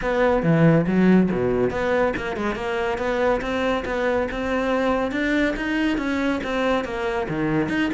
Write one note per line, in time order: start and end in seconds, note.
0.01 0.42 B3
0.42 0.85 E3
0.86 1.29 F#3
1.31 1.70 B2
1.70 2.13 B3
2.16 2.36 A#3
2.36 2.55 G#3
2.55 2.97 A#3
2.97 3.40 B3
3.41 3.84 C4
3.85 4.28 B3
4.31 5.11 C4
5.11 5.54 D4
5.56 5.97 D#4
5.97 6.40 C#4
6.43 6.84 C4
6.84 7.27 A#3
7.28 7.69 D#3
7.69 7.90 D#4